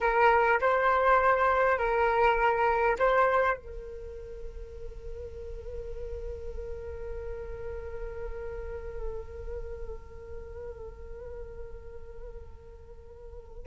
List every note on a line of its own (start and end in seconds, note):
0.00 0.60 A#4
0.60 1.78 C5
1.78 2.97 A#4
2.98 3.57 C5
3.57 13.66 A#4